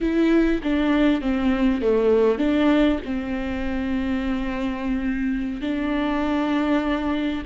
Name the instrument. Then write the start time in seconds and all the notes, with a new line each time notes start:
viola
0.00 E4
0.63 D4
1.21 C4
1.81 A3
2.38 D4
3.05 C4
5.61 D4